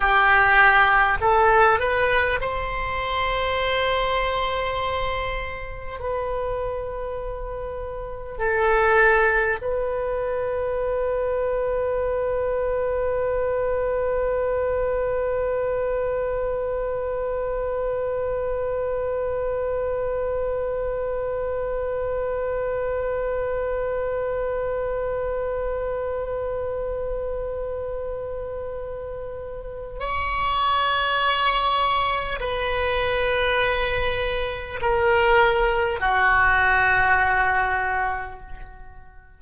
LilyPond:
\new Staff \with { instrumentName = "oboe" } { \time 4/4 \tempo 4 = 50 g'4 a'8 b'8 c''2~ | c''4 b'2 a'4 | b'1~ | b'1~ |
b'1~ | b'1~ | b'4 cis''2 b'4~ | b'4 ais'4 fis'2 | }